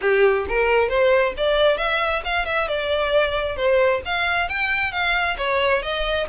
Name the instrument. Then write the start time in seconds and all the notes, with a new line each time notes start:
violin
0.01 G4
0.48 A#4
0.89 C5
1.37 D5
1.77 E5
2.24 F5
2.45 E5
2.68 D5
3.56 C5
4.05 F5
4.48 G5
4.92 F5
5.37 C#5
5.82 D#5